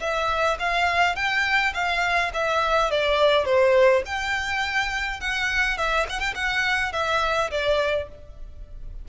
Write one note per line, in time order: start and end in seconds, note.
0.00 0.58 E5
0.59 1.16 F5
1.16 1.74 G5
1.74 2.32 F5
2.34 2.91 E5
2.91 3.45 D5
3.45 4.03 C5
4.06 5.21 G5
5.21 5.78 F#5
5.78 6.07 E5
6.09 6.20 F#5
6.20 6.34 G5
6.35 6.93 F#5
6.93 7.51 E5
7.51 8.09 D5